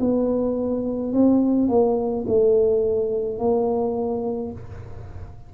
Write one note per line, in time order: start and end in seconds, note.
0.00 1.13 B3
1.13 1.69 C4
1.69 2.26 A#3
2.27 3.39 A3
3.39 4.52 A#3